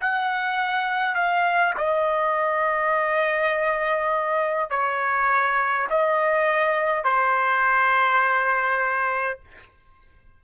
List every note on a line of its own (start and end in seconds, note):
0.00 1.15 F#5
1.15 1.74 F5
1.77 4.70 D#5
4.70 5.87 C#5
5.89 7.04 D#5
7.04 9.39 C5